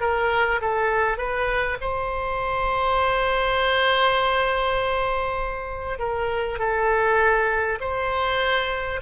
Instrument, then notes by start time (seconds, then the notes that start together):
oboe
0.00 A#4
0.61 A4
1.17 B4
1.81 C5
5.98 A#4
6.58 A4
7.80 C5